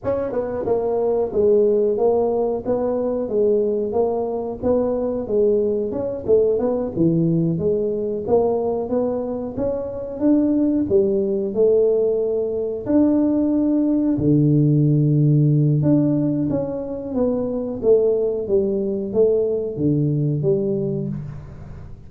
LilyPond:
\new Staff \with { instrumentName = "tuba" } { \time 4/4 \tempo 4 = 91 cis'8 b8 ais4 gis4 ais4 | b4 gis4 ais4 b4 | gis4 cis'8 a8 b8 e4 gis8~ | gis8 ais4 b4 cis'4 d'8~ |
d'8 g4 a2 d'8~ | d'4. d2~ d8 | d'4 cis'4 b4 a4 | g4 a4 d4 g4 | }